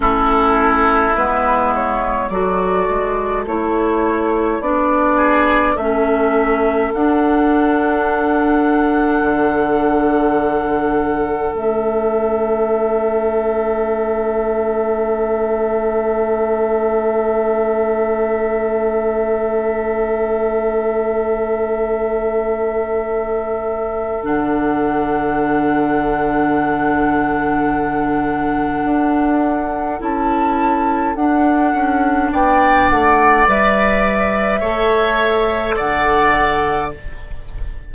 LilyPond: <<
  \new Staff \with { instrumentName = "flute" } { \time 4/4 \tempo 4 = 52 a'4 b'8 cis''8 d''4 cis''4 | d''4 e''4 fis''2~ | fis''2 e''2~ | e''1~ |
e''1~ | e''4 fis''2.~ | fis''2 a''4 fis''4 | g''8 fis''8 e''2 fis''4 | }
  \new Staff \with { instrumentName = "oboe" } { \time 4/4 e'2 a'2~ | a'8 gis'8 a'2.~ | a'1~ | a'1~ |
a'1~ | a'1~ | a'1 | d''2 cis''4 d''4 | }
  \new Staff \with { instrumentName = "clarinet" } { \time 4/4 cis'4 b4 fis'4 e'4 | d'4 cis'4 d'2~ | d'2 cis'2~ | cis'1~ |
cis'1~ | cis'4 d'2.~ | d'2 e'4 d'4~ | d'4 b'4 a'2 | }
  \new Staff \with { instrumentName = "bassoon" } { \time 4/4 a4 gis4 fis8 gis8 a4 | b4 a4 d'2 | d2 a2~ | a1~ |
a1~ | a4 d2.~ | d4 d'4 cis'4 d'8 cis'8 | b8 a8 g4 a4 d4 | }
>>